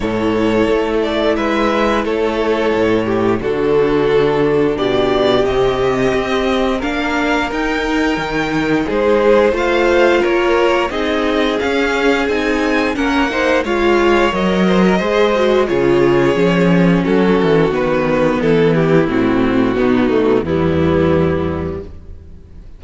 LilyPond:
<<
  \new Staff \with { instrumentName = "violin" } { \time 4/4 \tempo 4 = 88 cis''4. d''8 e''4 cis''4~ | cis''4 a'2 d''4 | dis''2 f''4 g''4~ | g''4 c''4 f''4 cis''4 |
dis''4 f''4 gis''4 fis''4 | f''4 dis''2 cis''4~ | cis''4 a'4 b'4 a'8 g'8 | fis'2 e'2 | }
  \new Staff \with { instrumentName = "violin" } { \time 4/4 a'2 b'4 a'4~ | a'8 g'8 fis'2 g'4~ | g'2 ais'2~ | ais'4 gis'4 c''4 ais'4 |
gis'2. ais'8 c''8 | cis''4. c''16 ais'16 c''4 gis'4~ | gis'4 fis'2 e'4~ | e'4 dis'4 b2 | }
  \new Staff \with { instrumentName = "viola" } { \time 4/4 e'1~ | e'4 d'2. | c'2 d'4 dis'4~ | dis'2 f'2 |
dis'4 cis'4 dis'4 cis'8 dis'8 | f'4 ais'4 gis'8 fis'8 f'4 | cis'2 b2 | c'4 b8 a8 g2 | }
  \new Staff \with { instrumentName = "cello" } { \time 4/4 a,4 a4 gis4 a4 | a,4 d2 b,4 | c4 c'4 ais4 dis'4 | dis4 gis4 a4 ais4 |
c'4 cis'4 c'4 ais4 | gis4 fis4 gis4 cis4 | f4 fis8 e8 dis4 e4 | a,4 b,4 e,2 | }
>>